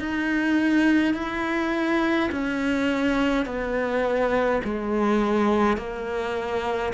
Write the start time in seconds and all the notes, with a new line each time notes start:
0.00 D#4
1.14 E4
2.32 C#4
3.46 B3
4.65 G#3
5.78 A#3